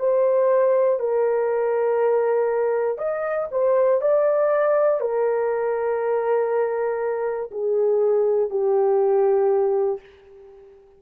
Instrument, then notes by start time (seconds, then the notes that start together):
horn
0.00 C5
1.00 A#4
2.99 D#5
3.52 C5
4.01 D5
5.01 A#4
7.52 G#4
8.51 G4